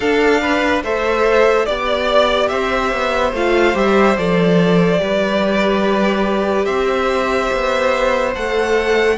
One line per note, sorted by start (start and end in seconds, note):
0.00 0.83 D4
0.00 0.84 D4
0.00 0.40 A4
0.00 0.82 F5
0.41 0.82 B4
0.83 1.66 A3
0.83 1.65 A4
0.83 1.65 C5
0.83 1.66 E5
1.65 2.51 B3
1.65 3.32 G4
1.65 2.48 D5
2.48 2.92 C4
2.48 5.00 C5
2.48 3.31 E5
2.92 3.32 B3
3.32 3.74 A3
3.32 3.73 F4
3.32 3.77 F5
3.73 4.17 G3
3.73 4.15 G4
3.73 4.17 E5
4.17 5.00 F3
4.17 4.97 A4
4.17 6.65 D5
4.97 6.66 G3
4.97 8.31 G4
4.97 6.65 B4
6.65 7.50 C4
6.65 9.15 C5
6.65 8.31 E5
7.52 8.35 B3
8.35 9.17 A3
8.35 9.17 A4
8.35 9.17 F#5